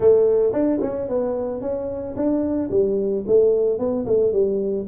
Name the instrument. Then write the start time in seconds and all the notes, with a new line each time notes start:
tuba
0.00 A3
0.52 D4
0.81 C#4
1.08 B3
1.61 C#4
2.15 D4
2.70 G3
3.27 A3
3.78 B3
4.05 A3
4.32 G3